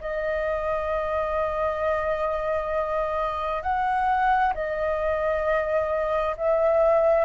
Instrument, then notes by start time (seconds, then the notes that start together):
flute
0.00 D#5
3.62 F#5
4.54 D#5
6.37 E5